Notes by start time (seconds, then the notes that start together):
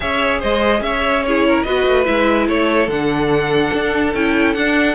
0.00 C#4 G#4 C#5 E5
0.39 G#3 C5 D#5
0.80 C#4 C#5 E5
1.23 E4 G#4 C#5
1.46 A#4
1.62 B3 F#4 B4 D#5
1.86 A3
2.05 G#3 E4 E5
2.48 A3 A4 C#5
2.87 D3 D4 F#5
3.73 D4
4.14 C#4 E4 G5
4.54 D4 F#5